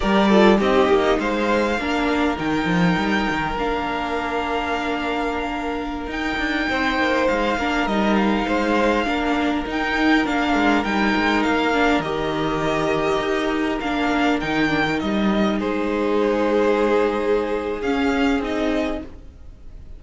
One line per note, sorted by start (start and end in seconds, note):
0.00 0.61 G3
0.00 0.28 G4
0.00 0.28 A#4
0.00 0.58 D5
0.28 0.57 F4
0.28 0.58 A4
0.57 0.88 C4
0.57 1.76 D#4
0.57 1.17 G4
0.57 1.19 D#5
0.88 1.18 A#3
1.18 1.78 G#3
1.18 1.79 C5
1.18 2.38 F5
1.78 2.37 A#3
1.78 2.36 D4
1.78 6.70 A#4
2.36 2.65 D#3
2.36 3.55 D#4
2.36 3.57 G5
2.65 2.95 F3
2.97 3.26 G3
3.30 3.57 D#3
3.57 6.07 A#3
3.57 6.09 D4
3.57 6.11 F5
6.07 6.36 D#4
6.07 7.58 D#4
6.07 7.27 G5
6.37 6.67 D4
6.69 6.98 C4
6.69 7.58 C5
6.98 7.28 A#3
7.27 7.57 G#3
7.27 7.87 F5
7.57 7.86 A#3
7.57 7.88 D4
7.57 8.47 A#4
7.86 8.45 G3
7.86 9.05 D#4
7.86 8.15 D#5
8.15 9.64 F5
8.47 9.06 G#3
8.47 9.06 C5
9.05 9.65 A#3
9.05 9.64 D4
9.05 15.57 A#4
9.66 10.25 D#4
9.66 10.26 G5
10.25 10.54 A#3
10.25 10.84 D4
10.25 10.83 F5
10.54 10.84 G#3
10.83 11.14 G3
10.83 11.73 D#4
10.83 11.42 G5
11.15 11.45 G#3
11.42 11.99 A#3
11.42 12.01 F5
11.73 12.02 D4
11.99 13.18 D#3
11.99 13.81 G4
11.99 13.79 D#5
13.18 13.78 D#4
13.80 14.41 A#3
13.80 14.41 D4
13.80 14.39 F5
14.40 15.01 D#3
14.40 14.68 D#4
14.40 14.99 G5
14.68 14.83 D4
14.87 17.84 D#4
14.99 15.60 G3
14.99 15.59 D#5
15.57 17.81 G#3
15.57 18.99 G#4
15.57 17.81 C5
17.81 18.39 C#4
17.81 18.42 C#4
17.81 18.40 F5
18.39 18.98 C4
18.39 19.02 D#4
18.39 19.03 D#5